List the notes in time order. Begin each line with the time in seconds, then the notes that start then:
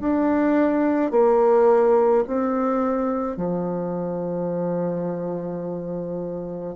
0.00 D4
1.11 A#3
2.27 C4
3.37 F3